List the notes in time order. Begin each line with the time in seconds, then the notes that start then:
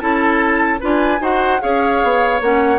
0.00 C#4 E4 A4 A5
0.81 D4 F4 B4
0.87 G#5
1.20 D#4 F#4 C5 F#5
1.61 C#4 G#4 C#5 F5
2.03 B3
2.41 A#3 C#4 F#5